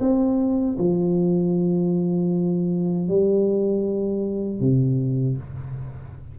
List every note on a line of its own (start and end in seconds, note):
0.00 0.77 C4
0.78 3.08 F3
3.08 4.60 G3
4.60 5.37 C3